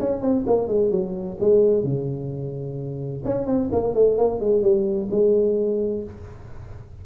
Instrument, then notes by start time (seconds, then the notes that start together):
tuba
0.00 C#4
0.21 C4
0.47 A#3
0.68 G#3
0.91 F#3
1.40 G#3
1.83 C#3
3.25 C#4
3.46 C4
3.72 A#3
3.95 A3
4.18 A#3
4.40 G#3
4.62 G3
5.11 G#3